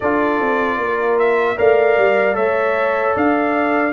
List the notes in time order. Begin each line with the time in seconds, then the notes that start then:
0.00 D4 F4 A4 D5
0.40 C4
0.77 A#3 A#4
1.18 E5
1.56 A3 A#4 D5 F5
1.97 G3
2.33 A3 A4 C#5 E5
3.15 D4 D5 F5